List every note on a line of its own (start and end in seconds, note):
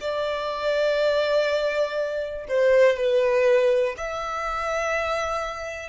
0.00 2.46 D5
2.48 2.96 C5
2.96 3.95 B4
3.97 5.89 E5